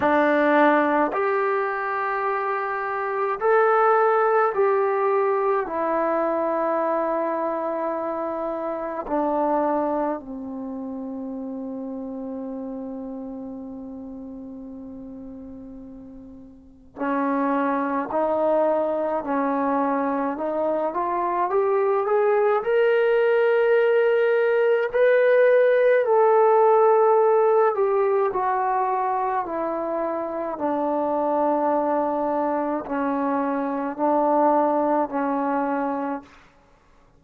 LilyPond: \new Staff \with { instrumentName = "trombone" } { \time 4/4 \tempo 4 = 53 d'4 g'2 a'4 | g'4 e'2. | d'4 c'2.~ | c'2. cis'4 |
dis'4 cis'4 dis'8 f'8 g'8 gis'8 | ais'2 b'4 a'4~ | a'8 g'8 fis'4 e'4 d'4~ | d'4 cis'4 d'4 cis'4 | }